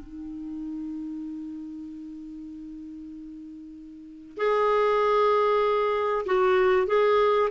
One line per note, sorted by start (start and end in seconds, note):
0.00 4.38 D#4
4.38 6.25 G#4
6.26 6.87 F#4
6.87 7.49 G#4